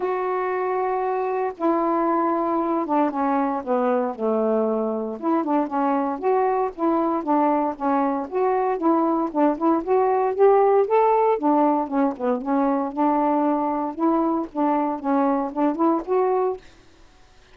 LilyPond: \new Staff \with { instrumentName = "saxophone" } { \time 4/4 \tempo 4 = 116 fis'2. e'4~ | e'4. d'8 cis'4 b4 | a2 e'8 d'8 cis'4 | fis'4 e'4 d'4 cis'4 |
fis'4 e'4 d'8 e'8 fis'4 | g'4 a'4 d'4 cis'8 b8 | cis'4 d'2 e'4 | d'4 cis'4 d'8 e'8 fis'4 | }